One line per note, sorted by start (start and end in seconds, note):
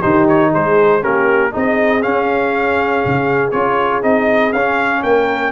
0.00 0.54 D#3
0.00 1.01 D#4
0.00 0.50 G4
0.00 0.26 C5
0.28 0.53 C#5
0.52 1.04 G#3
0.52 1.01 G#4
0.52 1.03 C5
1.01 1.54 A#3
1.01 1.51 C#4
1.01 1.51 G4
1.01 1.53 A#4
1.51 2.05 C4
1.51 2.01 D#4
1.51 5.03 G#4
1.51 2.02 D#5
2.02 3.52 C#4
2.02 3.05 C#4
2.02 3.51 F5
3.05 3.53 C#3
3.51 4.03 C#4
3.51 4.02 F4
3.51 4.01 C#5
4.02 4.52 C4
4.02 4.52 D#4
4.02 4.52 D#5
4.52 5.02 C#4
4.52 5.51 C#4
4.52 5.02 F5
5.03 5.51 A#3
5.03 5.51 A#4
5.03 5.51 G5